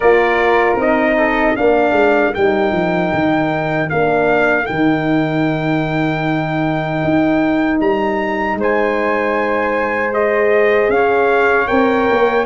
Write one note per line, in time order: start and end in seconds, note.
0.00 0.75 A#3
0.00 0.78 F4
0.00 1.16 A#4
0.00 0.76 D5
0.75 1.53 C4
0.75 1.56 D#4
0.75 1.56 D#5
1.17 1.55 A4
1.55 1.92 A#3
1.55 2.34 D4
1.55 8.56 A#4
1.55 2.34 F5
1.92 2.31 G#3
2.34 2.72 G3
2.34 3.90 D#4
2.34 3.89 G5
2.72 3.11 F3
3.12 3.90 D#3
3.89 4.69 A#3
3.89 4.64 D4
3.89 4.66 F5
4.64 7.03 D#3
4.64 10.10 D#4
4.64 7.77 G5
7.04 7.80 D#4
7.80 8.55 G3
7.80 8.58 A#5
8.55 10.88 G#3
8.55 10.93 C5
8.62 10.13 G#5
10.12 11.67 G#4
10.12 10.90 D#5
10.88 11.66 C#4
10.88 12.45 C#5
10.88 11.67 F5
11.67 12.09 C4
11.67 12.45 A#4
11.67 12.45 G5
12.10 12.45 A#3